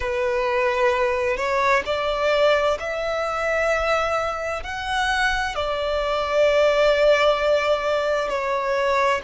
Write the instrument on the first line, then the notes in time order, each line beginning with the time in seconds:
violin
0.00 B4
1.36 C#5
1.85 D5
2.79 E5
4.63 F#5
5.55 D5
8.28 C#5